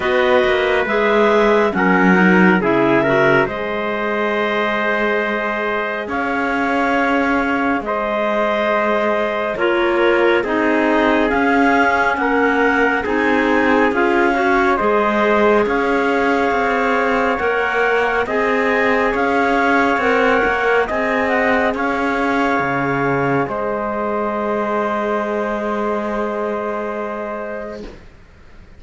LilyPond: <<
  \new Staff \with { instrumentName = "clarinet" } { \time 4/4 \tempo 4 = 69 dis''4 e''4 fis''4 e''4 | dis''2. f''4~ | f''4 dis''2 cis''4 | dis''4 f''4 fis''4 gis''4 |
f''4 dis''4 f''2 | fis''4 gis''4 f''4 fis''4 | gis''8 fis''8 f''2 dis''4~ | dis''1 | }
  \new Staff \with { instrumentName = "trumpet" } { \time 4/4 b'2 ais'4 gis'8 ais'8 | c''2. cis''4~ | cis''4 c''2 ais'4 | gis'2 ais'4 gis'4~ |
gis'8 cis''8 c''4 cis''2~ | cis''4 dis''4 cis''2 | dis''4 cis''2 c''4~ | c''1 | }
  \new Staff \with { instrumentName = "clarinet" } { \time 4/4 fis'4 gis'4 cis'8 dis'8 e'8 fis'8 | gis'1~ | gis'2. f'4 | dis'4 cis'2 dis'4 |
f'8 fis'8 gis'2. | ais'4 gis'2 ais'4 | gis'1~ | gis'1 | }
  \new Staff \with { instrumentName = "cello" } { \time 4/4 b8 ais8 gis4 fis4 cis4 | gis2. cis'4~ | cis'4 gis2 ais4 | c'4 cis'4 ais4 c'4 |
cis'4 gis4 cis'4 c'4 | ais4 c'4 cis'4 c'8 ais8 | c'4 cis'4 cis4 gis4~ | gis1 | }
>>